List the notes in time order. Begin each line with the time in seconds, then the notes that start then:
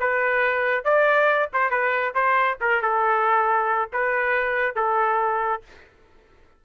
0.00 B4
0.85 D5
1.53 C5
1.71 B4
2.15 C5
2.61 A#4
2.82 A4
3.93 B4
4.76 A4